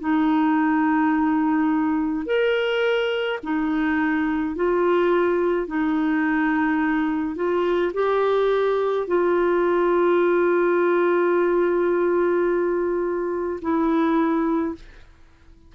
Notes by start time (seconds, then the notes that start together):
0.00 D#4
2.26 A#4
3.43 D#4
4.55 F4
5.67 D#4
7.35 F4
7.93 G4
9.07 F4
13.61 E4